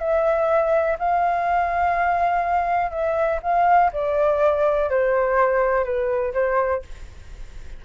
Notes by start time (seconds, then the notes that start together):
0.00 E5
0.99 F5
2.91 E5
3.43 F5
3.93 D5
4.90 C5
5.84 B4
6.34 C5